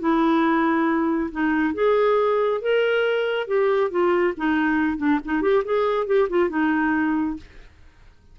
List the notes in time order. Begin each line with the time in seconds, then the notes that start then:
0.00 E4
1.32 D#4
1.75 G#4
2.62 A#4
3.48 G4
3.91 F4
4.37 D#4
4.98 D4
5.25 D#4
5.42 G4
5.65 G#4
6.07 G4
6.30 F4
6.50 D#4